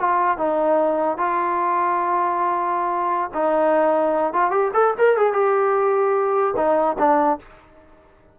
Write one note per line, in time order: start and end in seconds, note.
0.00 0.38 F4
0.38 1.18 D#4
1.18 3.30 F4
3.34 4.33 D#4
4.33 4.51 F4
4.51 4.71 G4
4.74 4.94 A4
4.98 5.17 A#4
5.17 5.33 G#4
5.33 6.55 G4
6.57 6.97 D#4
6.98 7.39 D4